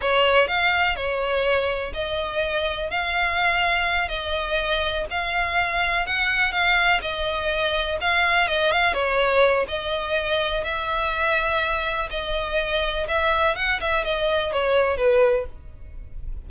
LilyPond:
\new Staff \with { instrumentName = "violin" } { \time 4/4 \tempo 4 = 124 cis''4 f''4 cis''2 | dis''2 f''2~ | f''8 dis''2 f''4.~ | f''8 fis''4 f''4 dis''4.~ |
dis''8 f''4 dis''8 f''8 cis''4. | dis''2 e''2~ | e''4 dis''2 e''4 | fis''8 e''8 dis''4 cis''4 b'4 | }